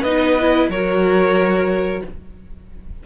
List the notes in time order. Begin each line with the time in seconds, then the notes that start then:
0.00 B3 D#4 B4 D#5
0.40 E4
0.68 F#3 F#4 A#4 C#5